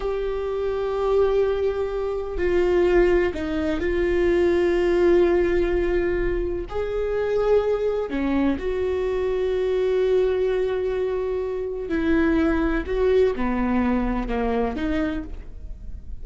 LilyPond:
\new Staff \with { instrumentName = "viola" } { \time 4/4 \tempo 4 = 126 g'1~ | g'4 f'2 dis'4 | f'1~ | f'2 gis'2~ |
gis'4 cis'4 fis'2~ | fis'1~ | fis'4 e'2 fis'4 | b2 ais4 dis'4 | }